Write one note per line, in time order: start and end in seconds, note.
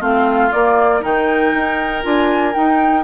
0.00 0.51 A3
0.00 0.51 C4
0.00 1.01 F4
0.00 0.52 F5
0.52 1.01 A#3
0.52 1.04 A#3
0.52 1.02 D5
1.01 1.54 D#3
1.01 2.01 D#4
1.01 3.03 A#4
1.01 2.05 G5
1.54 2.04 D#4
2.03 2.55 D4
2.03 2.53 F4
2.03 2.54 G#5
2.54 3.04 D#4
2.54 3.04 G5